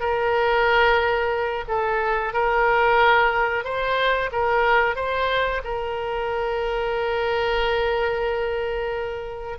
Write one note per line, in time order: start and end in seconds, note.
0.00 1.65 A#4
1.68 2.33 A4
2.33 3.64 A#4
3.64 4.30 C5
4.32 4.96 A#4
4.96 5.62 C5
5.64 9.58 A#4